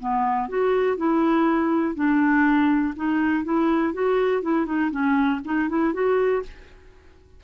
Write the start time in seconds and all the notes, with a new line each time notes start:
0.00 B3
0.49 F#4
0.97 E4
1.95 D4
2.96 D#4
3.44 E4
3.94 F#4
4.43 E4
4.66 D#4
4.91 C#4
5.45 D#4
5.69 E4
5.93 F#4